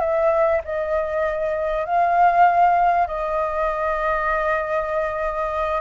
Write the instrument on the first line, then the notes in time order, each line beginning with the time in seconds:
flute
0.00 E5
0.65 D#5
1.86 F5
3.08 D#5